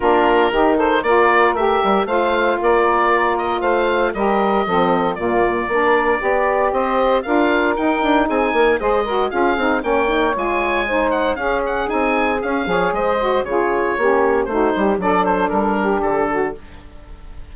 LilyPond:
<<
  \new Staff \with { instrumentName = "oboe" } { \time 4/4 \tempo 4 = 116 ais'4. c''8 d''4 e''4 | f''4 d''4. dis''8 f''4 | dis''2 d''2~ | d''4 dis''4 f''4 g''4 |
gis''4 dis''4 f''4 g''4 | gis''4. fis''8 f''8 fis''8 gis''4 | f''4 dis''4 cis''2 | c''4 d''8 c''8 ais'4 a'4 | }
  \new Staff \with { instrumentName = "saxophone" } { \time 4/4 f'4 g'8 a'8 ais'2 | c''4 ais'2 c''4 | ais'4 a'4 f'4 ais'4 | d''4 c''4 ais'2 |
gis'8 ais'8 c''8 ais'8 gis'4 cis''4~ | cis''4 c''4 gis'2~ | gis'8 cis''8 c''4 gis'4 g'4 | fis'8 g'8 a'4. g'4 fis'8 | }
  \new Staff \with { instrumentName = "saxophone" } { \time 4/4 d'4 dis'4 f'4 g'4 | f'1 | g'4 c'4 ais4 d'4 | g'2 f'4 dis'4~ |
dis'4 gis'8 fis'8 f'8 dis'8 cis'8 dis'8 | f'4 dis'4 cis'4 dis'4 | cis'8 gis'4 fis'8 f'4 cis'4 | dis'4 d'2. | }
  \new Staff \with { instrumentName = "bassoon" } { \time 4/4 ais4 dis4 ais4 a8 g8 | a4 ais2 a4 | g4 f4 ais,4 ais4 | b4 c'4 d'4 dis'8 d'8 |
c'8 ais8 gis4 cis'8 c'8 ais4 | gis2 cis'4 c'4 | cis'8 f8 gis4 cis4 ais4 | a8 g8 fis4 g4 d4 | }
>>